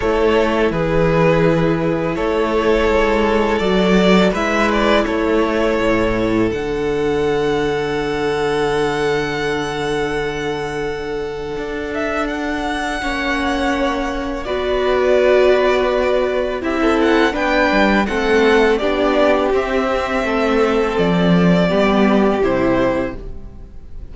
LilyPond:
<<
  \new Staff \with { instrumentName = "violin" } { \time 4/4 \tempo 4 = 83 cis''4 b'2 cis''4~ | cis''4 d''4 e''8 d''8 cis''4~ | cis''4 fis''2.~ | fis''1~ |
fis''8 e''8 fis''2. | d''2. e''8 fis''8 | g''4 fis''4 d''4 e''4~ | e''4 d''2 c''4 | }
  \new Staff \with { instrumentName = "violin" } { \time 4/4 a'4 gis'2 a'4~ | a'2 b'4 a'4~ | a'1~ | a'1~ |
a'2 cis''2 | b'2. g'16 a'8. | b'4 a'4 g'2 | a'2 g'2 | }
  \new Staff \with { instrumentName = "viola" } { \time 4/4 e'1~ | e'4 fis'4 e'2~ | e'4 d'2.~ | d'1~ |
d'2 cis'2 | fis'2. e'4 | d'4 c'4 d'4 c'4~ | c'2 b4 e'4 | }
  \new Staff \with { instrumentName = "cello" } { \time 4/4 a4 e2 a4 | gis4 fis4 gis4 a4 | a,4 d2.~ | d1 |
d'2 ais2 | b2. c'4 | b8 g8 a4 b4 c'4 | a4 f4 g4 c4 | }
>>